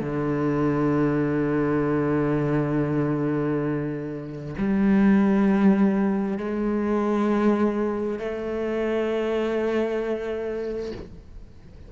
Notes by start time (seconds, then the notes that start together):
0.00 D3
4.57 G3
6.38 G#3
8.19 A3